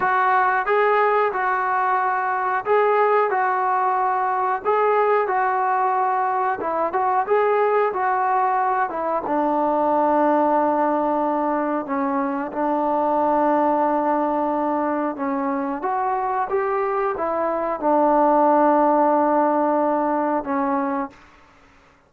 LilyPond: \new Staff \with { instrumentName = "trombone" } { \time 4/4 \tempo 4 = 91 fis'4 gis'4 fis'2 | gis'4 fis'2 gis'4 | fis'2 e'8 fis'8 gis'4 | fis'4. e'8 d'2~ |
d'2 cis'4 d'4~ | d'2. cis'4 | fis'4 g'4 e'4 d'4~ | d'2. cis'4 | }